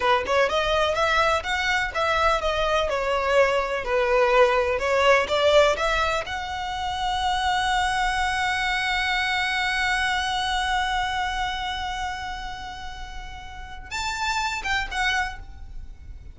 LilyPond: \new Staff \with { instrumentName = "violin" } { \time 4/4 \tempo 4 = 125 b'8 cis''8 dis''4 e''4 fis''4 | e''4 dis''4 cis''2 | b'2 cis''4 d''4 | e''4 fis''2.~ |
fis''1~ | fis''1~ | fis''1~ | fis''4 a''4. g''8 fis''4 | }